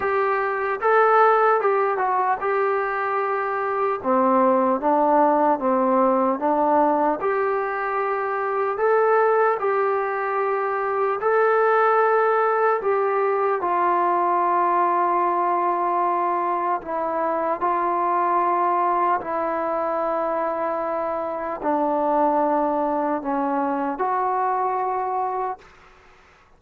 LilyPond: \new Staff \with { instrumentName = "trombone" } { \time 4/4 \tempo 4 = 75 g'4 a'4 g'8 fis'8 g'4~ | g'4 c'4 d'4 c'4 | d'4 g'2 a'4 | g'2 a'2 |
g'4 f'2.~ | f'4 e'4 f'2 | e'2. d'4~ | d'4 cis'4 fis'2 | }